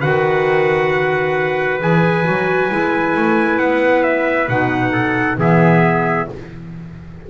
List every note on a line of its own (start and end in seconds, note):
0.00 1.82 D#3
0.00 1.80 F#4
0.00 4.93 B4
0.00 1.80 F#5
1.80 2.27 E3
1.80 2.24 G#4
1.80 3.59 G#5
2.24 2.72 F#3
2.24 2.69 F#4
2.71 3.16 G#3
2.71 4.50 E4
3.17 3.60 A3
3.59 4.49 B3
3.59 4.04 F#5
4.04 4.48 E5
4.49 5.38 B2
4.49 5.38 D#4
4.49 5.39 F#5
4.93 5.37 A4
5.38 6.28 E3
5.38 6.28 B3
5.38 6.29 G#4
5.38 6.31 E5